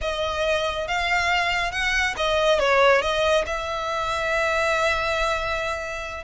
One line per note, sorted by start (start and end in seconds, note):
0.01 0.87 D#5
0.87 1.71 F5
1.71 2.14 F#5
2.16 2.59 D#5
2.59 3.01 C#5
3.01 3.44 D#5
3.46 6.24 E5